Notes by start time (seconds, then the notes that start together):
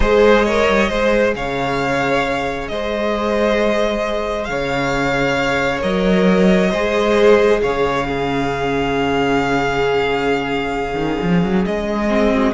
0.00 G#3 G#4 C5 D#5
0.44 A#4 C#5
0.68 G3
0.88 G#3 G#4 C5
1.35 C#3 C#5 F5
2.68 G#3 C5 D#5
4.45 C#3 C#5 F5
5.80 F#3 A#4 D#5
6.70 G#3 G#4 C5
7.61 C#3 C#5 F5
8.05 C#4 G#4
10.94 D#3
11.22 F3
11.43 F#3
11.65 G#3 D#5
12.07 C4
12.32 F#4